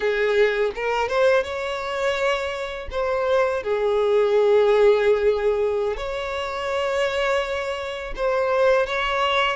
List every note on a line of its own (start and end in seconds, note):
0.00 0.71 G#4
0.75 1.08 A#4
1.08 1.43 C5
1.43 2.88 C#5
2.90 3.63 C5
3.63 5.96 G#4
5.96 8.13 C#5
8.16 8.86 C5
8.86 9.56 C#5